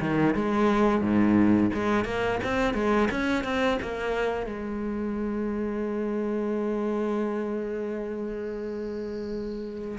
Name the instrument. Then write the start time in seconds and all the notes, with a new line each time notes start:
cello
0.00 D#3
0.34 G#3
1.01 G#2
1.74 G#3
2.04 A#3
2.43 C4
2.74 G#3
3.11 C#4
3.44 C4
3.82 A#3
4.46 G#3